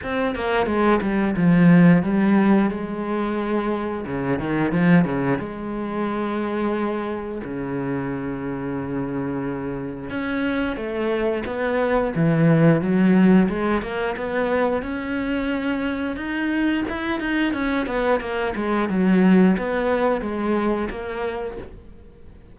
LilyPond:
\new Staff \with { instrumentName = "cello" } { \time 4/4 \tempo 4 = 89 c'8 ais8 gis8 g8 f4 g4 | gis2 cis8 dis8 f8 cis8 | gis2. cis4~ | cis2. cis'4 |
a4 b4 e4 fis4 | gis8 ais8 b4 cis'2 | dis'4 e'8 dis'8 cis'8 b8 ais8 gis8 | fis4 b4 gis4 ais4 | }